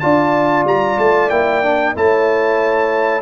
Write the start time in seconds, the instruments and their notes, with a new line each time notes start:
0.00 tuba D4, trombone F4, horn D5, trumpet A5
0.65 tuba G3, trumpet A#5
0.98 tuba A3, trumpet A5
1.30 tuba A#3, trombone E4, trumpet G5
1.63 trombone D4
1.96 tuba A3, trombone E4, horn C#5, trumpet A5